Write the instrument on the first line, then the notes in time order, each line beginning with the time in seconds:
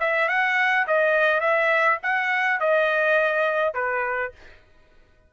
trumpet
0.00 E5
0.28 F#5
0.87 D#5
1.41 E5
2.03 F#5
2.60 D#5
3.74 B4